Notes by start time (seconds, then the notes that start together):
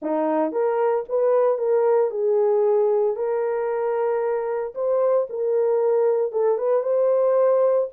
0.02 D#4
0.51 A#4
1.08 B4
1.58 A#4
2.11 G#4
3.16 A#4
4.74 C5
5.29 A#4
6.32 A4
6.57 B4
6.83 C5